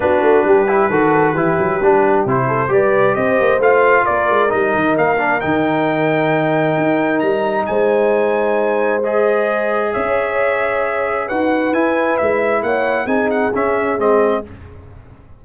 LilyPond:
<<
  \new Staff \with { instrumentName = "trumpet" } { \time 4/4 \tempo 4 = 133 b'1~ | b'4 c''4 d''4 dis''4 | f''4 d''4 dis''4 f''4 | g''1 |
ais''4 gis''2. | dis''2 e''2~ | e''4 fis''4 gis''4 e''4 | fis''4 gis''8 fis''8 e''4 dis''4 | }
  \new Staff \with { instrumentName = "horn" } { \time 4/4 fis'4 g'4 a'4 g'4~ | g'4. a'8 b'4 c''4~ | c''4 ais'2.~ | ais'1~ |
ais'4 c''2.~ | c''2 cis''2~ | cis''4 b'2. | cis''4 gis'2. | }
  \new Staff \with { instrumentName = "trombone" } { \time 4/4 d'4. e'8 fis'4 e'4 | d'4 e'4 g'2 | f'2 dis'4. d'8 | dis'1~ |
dis'1 | gis'1~ | gis'4 fis'4 e'2~ | e'4 dis'4 cis'4 c'4 | }
  \new Staff \with { instrumentName = "tuba" } { \time 4/4 b8 a8 g4 dis4 e8 fis8 | g4 c4 g4 c'8 ais8 | a4 ais8 gis8 g8 dis8 ais4 | dis2. dis'4 |
g4 gis2.~ | gis2 cis'2~ | cis'4 dis'4 e'4 gis4 | ais4 c'4 cis'4 gis4 | }
>>